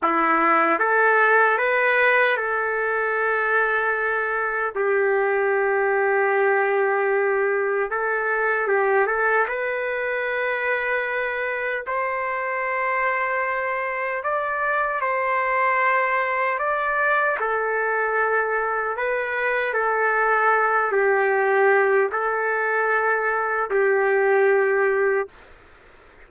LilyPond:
\new Staff \with { instrumentName = "trumpet" } { \time 4/4 \tempo 4 = 76 e'4 a'4 b'4 a'4~ | a'2 g'2~ | g'2 a'4 g'8 a'8 | b'2. c''4~ |
c''2 d''4 c''4~ | c''4 d''4 a'2 | b'4 a'4. g'4. | a'2 g'2 | }